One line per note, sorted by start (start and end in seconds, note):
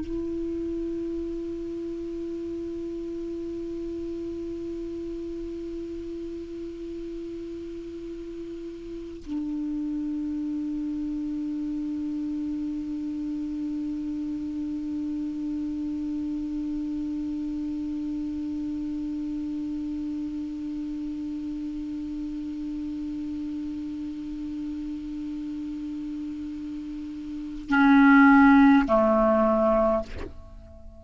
0.00 9.23 E4
9.27 27.70 D4
27.70 28.86 C#4
28.88 30.03 A3